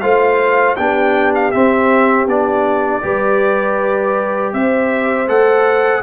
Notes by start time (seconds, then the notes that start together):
0.00 A3 F4 C5 F5
0.76 B3 D4 G4 G5
1.34 F5
1.51 C4 E5
2.27 B3 D4 D5
3.02 G3 G4 B4
4.53 C4 C5 E5
5.27 A3 A4 F#5